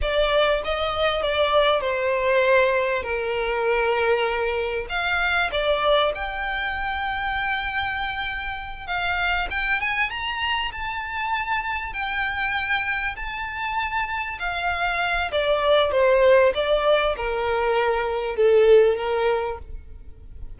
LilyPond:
\new Staff \with { instrumentName = "violin" } { \time 4/4 \tempo 4 = 98 d''4 dis''4 d''4 c''4~ | c''4 ais'2. | f''4 d''4 g''2~ | g''2~ g''8 f''4 g''8 |
gis''8 ais''4 a''2 g''8~ | g''4. a''2 f''8~ | f''4 d''4 c''4 d''4 | ais'2 a'4 ais'4 | }